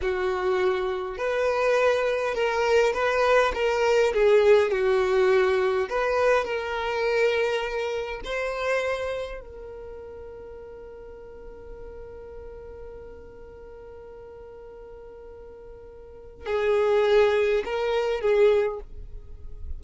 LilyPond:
\new Staff \with { instrumentName = "violin" } { \time 4/4 \tempo 4 = 102 fis'2 b'2 | ais'4 b'4 ais'4 gis'4 | fis'2 b'4 ais'4~ | ais'2 c''2 |
ais'1~ | ais'1~ | ais'1 | gis'2 ais'4 gis'4 | }